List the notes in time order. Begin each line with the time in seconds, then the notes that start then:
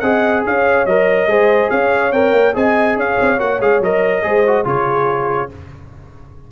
0.00 C4 G#4 D#5 F#5
0.45 C#4 C#5 F5
0.85 F#3 A#4 D#5
1.26 G#3 G#4 C5
1.70 C#4 C#5 F5
2.12 C4 A#4 G5
2.32 A#3
2.54 C4 G#4 D#5 G#5
2.96 C#4 C#5 F5
3.21 C4
3.39 A#3 F#4 F#5
3.60 G#3 G#4 F5
3.80 F#3 A#4 D#5
4.23 G#3 G#4 C5
4.47 F#4
4.65 C#3 F4 G#4 C#5